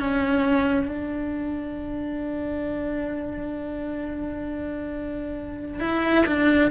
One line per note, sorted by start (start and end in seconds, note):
0.00 0.89 C#4
0.89 5.81 D4
5.81 6.26 E4
6.26 6.71 D4